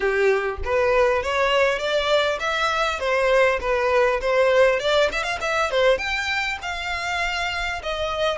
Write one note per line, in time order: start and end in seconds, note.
0.00 0.58 G4
0.64 1.22 B4
1.22 1.78 C#5
1.78 2.38 D5
2.39 2.99 E5
2.99 3.59 C5
3.60 4.20 B4
4.21 4.79 C5
4.79 5.09 D5
5.12 5.23 E5
5.23 5.38 F5
5.41 5.70 E5
5.70 5.98 C5
5.98 6.58 G5
6.62 7.82 F5
7.82 8.38 D#5